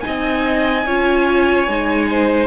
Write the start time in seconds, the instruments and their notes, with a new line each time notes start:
0.00 viola D#4, violin D#5 G#5
0.07 cello C4
0.85 cello C#4, viola F4, violin C#5
1.67 cello G#3, viola D#4
2.09 violin C5